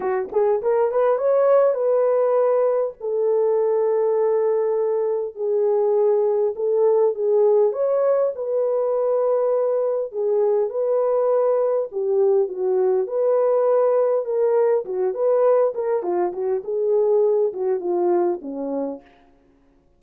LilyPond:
\new Staff \with { instrumentName = "horn" } { \time 4/4 \tempo 4 = 101 fis'8 gis'8 ais'8 b'8 cis''4 b'4~ | b'4 a'2.~ | a'4 gis'2 a'4 | gis'4 cis''4 b'2~ |
b'4 gis'4 b'2 | g'4 fis'4 b'2 | ais'4 fis'8 b'4 ais'8 f'8 fis'8 | gis'4. fis'8 f'4 cis'4 | }